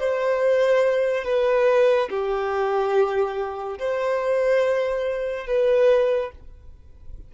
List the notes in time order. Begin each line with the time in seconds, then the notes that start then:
0.00 C5
1.25 B4
2.10 G4
3.79 C5
5.47 B4